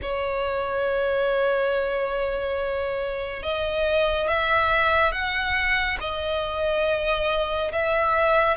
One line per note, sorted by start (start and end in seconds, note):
0.02 3.42 C#5
3.42 4.28 D#5
4.28 5.12 E5
5.12 5.97 F#5
6.00 7.71 D#5
7.71 8.57 E5